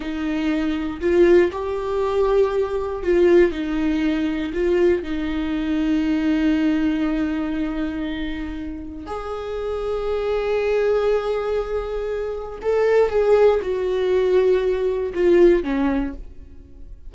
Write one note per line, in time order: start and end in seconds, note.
0.00 1.00 D#4
1.01 1.51 F4
1.52 3.03 G4
3.03 3.51 F4
3.51 4.52 D#4
4.53 5.03 F4
5.03 9.06 D#4
9.06 12.59 G#4
12.62 13.09 A4
13.09 13.60 G#4
13.61 15.13 F#4
15.14 15.63 F4
15.63 16.13 C#4